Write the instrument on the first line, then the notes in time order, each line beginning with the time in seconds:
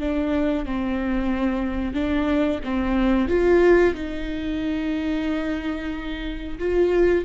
viola
0.00 D4
0.66 C4
1.95 D4
2.64 C4
3.29 F4
3.95 D#4
6.59 F4